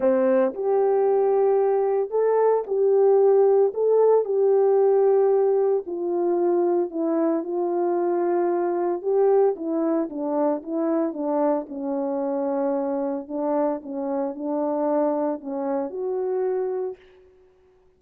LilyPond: \new Staff \with { instrumentName = "horn" } { \time 4/4 \tempo 4 = 113 c'4 g'2. | a'4 g'2 a'4 | g'2. f'4~ | f'4 e'4 f'2~ |
f'4 g'4 e'4 d'4 | e'4 d'4 cis'2~ | cis'4 d'4 cis'4 d'4~ | d'4 cis'4 fis'2 | }